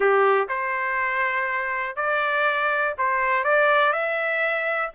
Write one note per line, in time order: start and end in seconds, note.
0.00 0.48 G4
0.48 1.96 C5
1.96 2.94 D5
2.98 3.44 C5
3.44 3.92 D5
3.92 4.90 E5